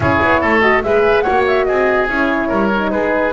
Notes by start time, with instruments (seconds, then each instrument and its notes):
0.00 double bass C#4, horn E4, oboe G#4, flute C#5
0.22 double bass B3
0.40 double bass A3, oboe A4
0.61 horn F#4, flute D#5
0.83 double bass G#3, horn G#4, oboe B4, flute E5
1.20 horn F#4, oboe C#5, flute F#5
1.28 double bass A#3
1.47 flute E5
1.64 double bass C4, oboe G#4, flute D#5
2.08 double bass C#4, horn E4, flute C#5
2.48 double bass G3, oboe A#4
2.71 horn D#4
2.91 double bass G#3, oboe G#4, flute B4